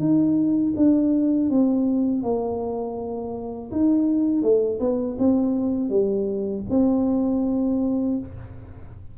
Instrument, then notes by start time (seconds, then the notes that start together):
tuba
0.00 D#4
0.77 D4
1.50 C4
2.23 A#3
3.72 D#4
4.42 A3
4.80 B3
5.19 C4
5.90 G3
6.70 C4